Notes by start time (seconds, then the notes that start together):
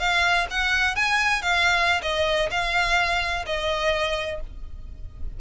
0.00 F5
0.51 F#5
0.96 G#5
1.42 F5
2.03 D#5
2.51 F5
3.47 D#5